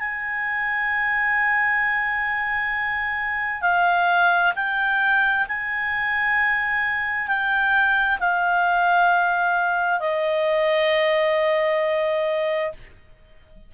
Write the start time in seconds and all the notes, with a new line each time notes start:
0.00 G#5
3.62 F5
4.56 G5
5.48 G#5
7.28 G5
8.20 F5
10.00 D#5